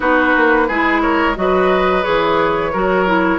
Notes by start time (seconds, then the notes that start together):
0.00 B3 D#4 F#4 B4
0.36 A#3
0.67 G#3 E4 G#4
1.01 A#4 C#5
1.35 F#3 F#4 B4 D#5
2.02 E3 G#4 C#5
2.72 F#3 F#4 A#4
3.06 E4